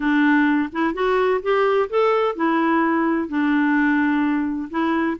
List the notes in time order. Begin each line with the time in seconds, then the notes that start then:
0.00 D4
0.72 E4
0.94 F#4
1.42 G4
1.89 A4
2.35 E4
3.28 D4
4.70 E4